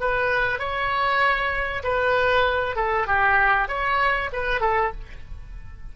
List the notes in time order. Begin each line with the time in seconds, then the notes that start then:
0.00 B4
0.59 C#5
1.83 B4
2.76 A4
3.07 G4
3.68 C#5
4.32 B4
4.61 A4